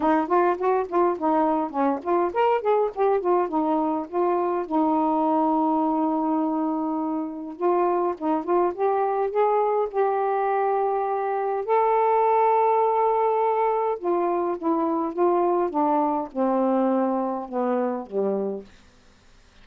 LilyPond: \new Staff \with { instrumentName = "saxophone" } { \time 4/4 \tempo 4 = 103 dis'8 f'8 fis'8 f'8 dis'4 cis'8 f'8 | ais'8 gis'8 g'8 f'8 dis'4 f'4 | dis'1~ | dis'4 f'4 dis'8 f'8 g'4 |
gis'4 g'2. | a'1 | f'4 e'4 f'4 d'4 | c'2 b4 g4 | }